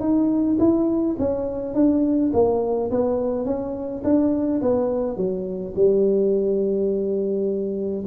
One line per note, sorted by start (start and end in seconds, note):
0.00 0.57 D#4
0.59 1.16 E4
1.19 1.74 C#4
1.74 2.31 D4
2.33 2.90 A#3
2.91 3.45 B3
3.45 4.02 C#4
4.04 4.61 D4
4.62 5.17 B3
5.17 5.74 F#3
5.76 8.04 G3